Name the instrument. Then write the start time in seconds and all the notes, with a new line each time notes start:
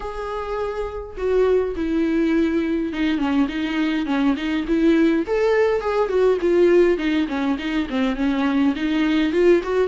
viola
0.00 G#4
1.17 F#4
1.76 E4
2.92 D#4
3.18 C#4
3.48 D#4
4.06 C#4
4.36 D#4
4.67 E4
5.27 A4
5.80 G#4
6.08 F#4
6.41 F4
6.97 D#4
7.28 C#4
7.58 D#4
7.89 C4
8.16 C#4
8.75 D#4
9.32 F4
9.63 F#4